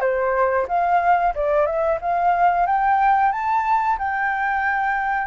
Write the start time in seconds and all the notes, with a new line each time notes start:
0.00 C5
0.68 F5
1.35 D5
1.65 E5
2.01 F5
2.66 G5
3.31 A5
3.98 G5